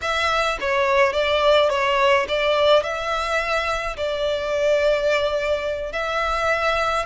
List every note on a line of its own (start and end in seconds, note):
0.01 0.58 E5
0.60 1.12 C#5
1.12 1.69 D5
1.69 2.26 C#5
2.28 2.83 D5
2.83 3.96 E5
3.96 5.92 D5
5.92 7.05 E5